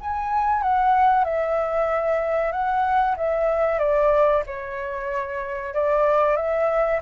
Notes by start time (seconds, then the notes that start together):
0.00 G#5
0.62 F#5
1.24 E5
2.52 F#5
3.17 E5
3.79 D5
4.47 C#5
5.74 D5
6.37 E5